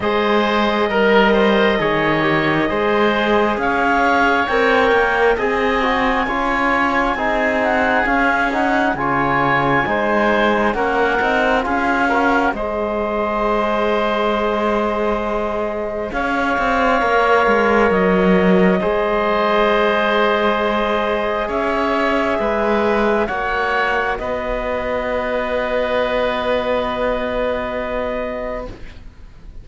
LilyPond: <<
  \new Staff \with { instrumentName = "clarinet" } { \time 4/4 \tempo 4 = 67 dis''1 | f''4 g''4 gis''2~ | gis''8 fis''8 f''8 fis''8 gis''2 | fis''4 f''4 dis''2~ |
dis''2 f''2 | dis''1 | e''2 fis''4 dis''4~ | dis''1 | }
  \new Staff \with { instrumentName = "oboe" } { \time 4/4 c''4 ais'8 c''8 cis''4 c''4 | cis''2 dis''4 cis''4 | gis'2 cis''4 c''4 | ais'4 gis'8 ais'8 c''2~ |
c''2 cis''2~ | cis''4 c''2. | cis''4 b'4 cis''4 b'4~ | b'1 | }
  \new Staff \with { instrumentName = "trombone" } { \time 4/4 gis'4 ais'4 gis'8 g'8 gis'4~ | gis'4 ais'4 gis'8 fis'8 f'4 | dis'4 cis'8 dis'8 f'4 dis'4 | cis'8 dis'8 f'8 fis'8 gis'2~ |
gis'2. ais'4~ | ais'4 gis'2.~ | gis'2 fis'2~ | fis'1 | }
  \new Staff \with { instrumentName = "cello" } { \time 4/4 gis4 g4 dis4 gis4 | cis'4 c'8 ais8 c'4 cis'4 | c'4 cis'4 cis4 gis4 | ais8 c'8 cis'4 gis2~ |
gis2 cis'8 c'8 ais8 gis8 | fis4 gis2. | cis'4 gis4 ais4 b4~ | b1 | }
>>